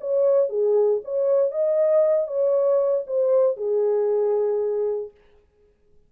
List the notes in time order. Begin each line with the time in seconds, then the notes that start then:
0.00 C#5
0.49 G#4
1.04 C#5
1.51 D#5
2.27 C#5
3.07 C5
3.57 G#4